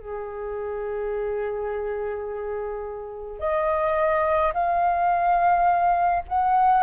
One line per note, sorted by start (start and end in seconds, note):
0.00 3.40 G#4
3.40 4.53 D#5
4.53 6.23 F5
6.28 6.83 F#5